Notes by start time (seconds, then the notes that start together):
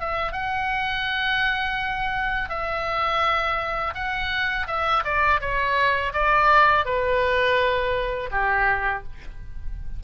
0.00 E5
0.33 F#5
2.49 E5
3.94 F#5
4.67 E5
5.04 D5
5.41 C#5
6.13 D5
6.85 B4
8.31 G4